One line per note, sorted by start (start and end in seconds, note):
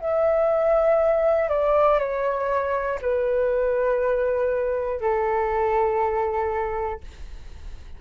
0.00 1.49 E5
1.49 1.99 D5
1.99 2.99 C#5
3.01 5.00 B4
5.00 7.00 A4